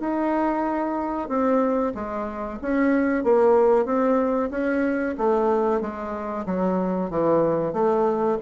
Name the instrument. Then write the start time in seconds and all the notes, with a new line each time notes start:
bassoon
0.00 D#4
1.29 C4
1.95 G#3
2.62 C#4
3.24 A#3
3.86 C4
4.51 C#4
5.18 A3
5.81 G#3
6.46 F#3
7.11 E3
7.74 A3